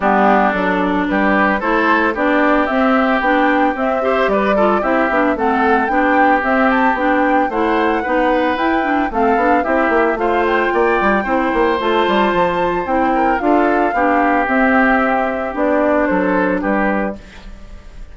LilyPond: <<
  \new Staff \with { instrumentName = "flute" } { \time 4/4 \tempo 4 = 112 g'4 a'4 b'4 c''4 | d''4 e''4 g''4 e''4 | d''4 e''4 fis''4 g''4 | e''8 a''8 g''4 fis''2 |
g''4 f''4 e''4 f''8 g''8~ | g''2 a''2 | g''4 f''2 e''4~ | e''4 d''4 c''4 b'4 | }
  \new Staff \with { instrumentName = "oboe" } { \time 4/4 d'2 g'4 a'4 | g'2.~ g'8 c''8 | b'8 a'8 g'4 a'4 g'4~ | g'2 c''4 b'4~ |
b'4 a'4 g'4 c''4 | d''4 c''2.~ | c''8 ais'8 a'4 g'2~ | g'2 a'4 g'4 | }
  \new Staff \with { instrumentName = "clarinet" } { \time 4/4 b4 d'2 e'4 | d'4 c'4 d'4 c'8 g'8~ | g'8 f'8 e'8 d'8 c'4 d'4 | c'4 d'4 e'4 dis'4 |
e'8 d'8 c'8 d'8 e'4 f'4~ | f'4 e'4 f'2 | e'4 f'4 d'4 c'4~ | c'4 d'2. | }
  \new Staff \with { instrumentName = "bassoon" } { \time 4/4 g4 fis4 g4 a4 | b4 c'4 b4 c'4 | g4 c'8 b8 a4 b4 | c'4 b4 a4 b4 |
e'4 a8 b8 c'8 ais8 a4 | ais8 g8 c'8 ais8 a8 g8 f4 | c'4 d'4 b4 c'4~ | c'4 b4 fis4 g4 | }
>>